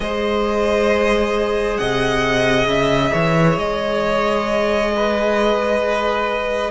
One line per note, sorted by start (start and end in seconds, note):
0.00 1.78 G#3
0.00 6.70 G#4
0.00 1.80 C5
0.00 1.77 D#5
1.77 2.67 C3
1.77 3.12 D#5
1.77 2.66 F#5
2.67 3.11 C#3
2.67 3.58 E5
3.12 3.57 E3
3.12 4.91 C#5
3.57 6.70 G#3
3.57 6.70 D#5
4.96 6.70 B4